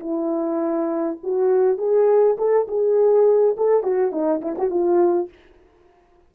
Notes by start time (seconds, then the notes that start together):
0.00 E4
1.23 F#4
1.78 G#4
2.38 A4
2.68 G#4
3.57 A4
3.83 F#4
4.12 D#4
4.42 E4
4.58 F#4
4.70 F4